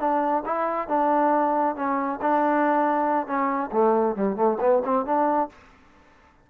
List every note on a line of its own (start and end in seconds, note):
0.00 0.44 D4
0.46 0.88 E4
0.88 1.76 D4
1.76 2.20 C#4
2.22 3.27 D4
3.27 3.71 C#4
3.72 4.16 A3
4.16 4.36 G3
4.36 4.58 A3
4.61 4.83 B3
4.85 5.06 C4
5.06 5.50 D4